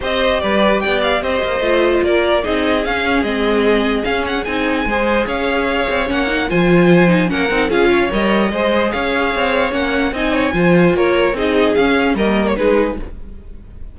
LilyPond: <<
  \new Staff \with { instrumentName = "violin" } { \time 4/4 \tempo 4 = 148 dis''4 d''4 g''8 f''8 dis''4~ | dis''4 d''4 dis''4 f''4 | dis''2 f''8 fis''8 gis''4~ | gis''4 f''2 fis''4 |
gis''2 fis''4 f''4 | dis''2 f''2 | fis''4 gis''2 cis''4 | dis''4 f''4 dis''8. cis''16 b'4 | }
  \new Staff \with { instrumentName = "violin" } { \time 4/4 c''4 b'4 d''4 c''4~ | c''4 ais'4 gis'2~ | gis'1 | c''4 cis''2. |
c''2 ais'4 gis'8 cis''8~ | cis''4 c''4 cis''2~ | cis''4 dis''8 cis''8 c''4 ais'4 | gis'2 ais'4 gis'4 | }
  \new Staff \with { instrumentName = "viola" } { \time 4/4 g'1 | f'2 dis'4 cis'4 | c'2 cis'4 dis'4 | gis'2. cis'8 dis'8 |
f'4. dis'8 cis'8 dis'8 f'4 | ais'4 gis'2. | cis'4 dis'4 f'2 | dis'4 cis'4 ais4 dis'4 | }
  \new Staff \with { instrumentName = "cello" } { \time 4/4 c'4 g4 b4 c'8 ais8 | a4 ais4 c'4 cis'4 | gis2 cis'4 c'4 | gis4 cis'4. c'8 ais4 |
f2 ais8 c'8 cis'4 | g4 gis4 cis'4 c'4 | ais4 c'4 f4 ais4 | c'4 cis'4 g4 gis4 | }
>>